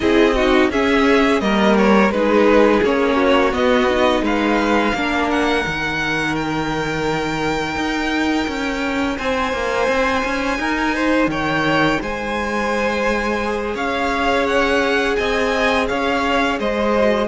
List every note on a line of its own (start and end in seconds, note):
0.00 0.70 C4
0.00 0.34 E4
0.00 0.35 G#4
0.00 0.70 D#5
0.35 0.71 D#4
0.35 0.70 F#4
0.70 1.40 C#4
0.70 1.41 C#4
0.70 1.41 G#4
0.70 1.40 E5
1.40 2.10 G3
1.40 2.11 A#3
1.40 2.14 A#4
1.40 1.75 D#5
1.77 2.11 C#5
2.10 2.80 G#3
2.10 2.84 D#4
2.10 3.15 G#4
2.10 2.81 B4
2.82 3.53 A#3
2.82 3.52 C#4
2.82 3.53 C#5
3.15 4.21 F#4
3.52 3.87 B3
3.52 4.22 B3
3.52 4.24 D#5
3.88 4.94 D#4
4.22 4.92 G#3
4.22 4.94 B4
4.22 5.30 F5
4.94 5.65 A#3
4.94 5.64 D4
4.94 9.17 A#4
5.30 6.35 F#5
5.64 7.75 D#3
5.64 13.40 D#4
6.35 9.17 G5
7.75 8.46 D#4
8.47 9.18 C#4
9.17 9.53 C4
9.17 10.58 C5
9.17 11.30 G#5
9.53 9.87 A#3
9.87 10.22 C4
10.24 10.58 C#4
10.58 11.27 D#4
10.58 10.94 A#4
10.94 11.30 C5
11.27 11.97 D#3
11.27 12.01 C#5
11.27 12.01 G5
12.01 13.74 G#3
12.01 13.75 C5
12.01 13.76 G#5
13.44 16.95 G#4
13.74 15.16 C#4
13.74 15.16 C#5
13.74 14.46 F5
14.46 15.15 F#5
15.15 15.89 C4
15.15 15.88 D#5
15.15 15.86 G#5
15.87 16.59 C#4
15.87 16.59 C#5
15.87 16.58 F5
16.59 17.28 G#3
16.59 17.28 C5
16.59 17.28 D#5
16.95 17.28 F#4